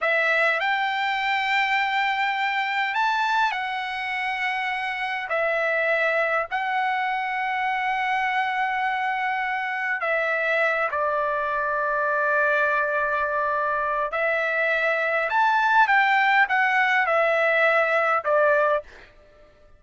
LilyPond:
\new Staff \with { instrumentName = "trumpet" } { \time 4/4 \tempo 4 = 102 e''4 g''2.~ | g''4 a''4 fis''2~ | fis''4 e''2 fis''4~ | fis''1~ |
fis''4 e''4. d''4.~ | d''1 | e''2 a''4 g''4 | fis''4 e''2 d''4 | }